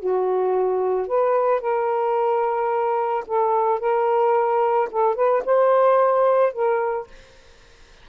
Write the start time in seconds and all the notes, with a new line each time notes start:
0.00 F#4
1.08 B4
1.61 A#4
3.27 A4
3.80 A#4
4.92 A4
5.16 B4
5.45 C5
6.53 A#4